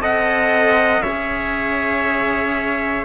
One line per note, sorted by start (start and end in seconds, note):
0.00 1.02 C4
0.00 1.04 A4
0.00 1.03 D#5
0.00 1.02 F#5
1.02 3.06 C#4
1.02 3.06 G#4
1.02 3.06 C#5
1.02 3.06 E5